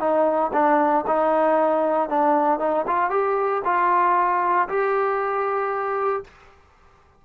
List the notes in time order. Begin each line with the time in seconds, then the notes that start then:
0.00 D#4
0.54 D4
1.07 D#4
2.10 D4
2.60 D#4
2.88 F4
3.11 G4
3.65 F4
4.69 G4